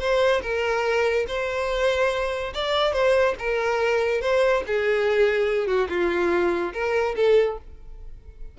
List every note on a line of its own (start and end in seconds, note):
0.00 0.42 C5
0.43 1.26 A#4
1.28 2.54 C5
2.54 2.93 D5
2.93 3.35 C5
3.39 4.22 A#4
4.22 4.64 C5
4.67 5.67 G#4
5.67 5.88 F#4
5.89 6.73 F4
6.73 7.15 A#4
7.16 7.58 A4